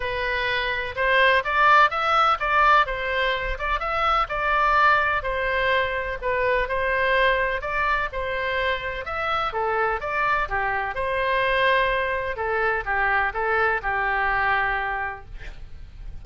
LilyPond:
\new Staff \with { instrumentName = "oboe" } { \time 4/4 \tempo 4 = 126 b'2 c''4 d''4 | e''4 d''4 c''4. d''8 | e''4 d''2 c''4~ | c''4 b'4 c''2 |
d''4 c''2 e''4 | a'4 d''4 g'4 c''4~ | c''2 a'4 g'4 | a'4 g'2. | }